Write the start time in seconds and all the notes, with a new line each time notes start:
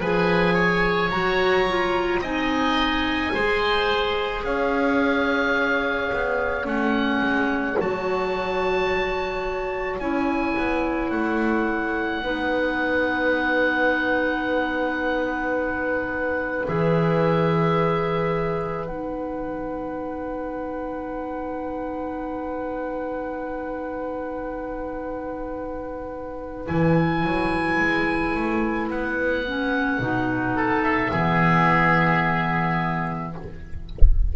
0.00 F3 G#4 B4 G#5
0.54 C#5
1.11 F#3 F#4 A#5
1.69 F4
2.20 C4 D#4 D#5 G#5
3.35 G#3 G#4 C5
4.44 C#4 C#5 F5
6.13 B3
6.64 A3 C#4 F#5
7.21 G#3
7.79 F#3 F#4 A5
10.00 C#4 E4 G#5
10.58 B3
11.11 A3 F#5
12.22 B3 D#4 B4
16.67 E3 G#4 E5
18.87 B3 D#4 F#5
26.66 E3 E4 G#5
27.24 F#3
27.80 G#3
28.35 A3
28.91 B3 F#5
29.47 C#4
29.99 B2 D#4
30.56 A4
30.83 E5
31.12 E3 B3 G#4